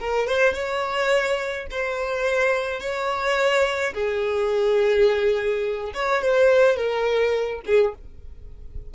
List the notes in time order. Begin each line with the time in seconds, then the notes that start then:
0.00 A#4
0.28 C5
0.54 C#5
1.71 C5
2.81 C#5
3.95 G#4
5.95 C#5
6.23 C5
6.77 A#4
7.66 G#4